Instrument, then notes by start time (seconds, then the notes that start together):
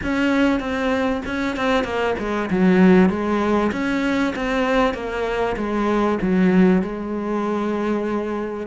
cello
0.03 C#4
0.60 C4
1.25 C#4
1.56 C4
1.84 A#3
2.18 G#3
2.50 F#3
3.09 G#3
3.72 C#4
4.35 C4
4.93 A#3
5.56 G#3
6.21 F#3
6.82 G#3